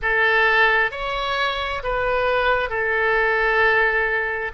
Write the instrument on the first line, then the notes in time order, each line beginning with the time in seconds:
oboe
0.02 A4
0.91 C#5
1.83 B4
2.69 A4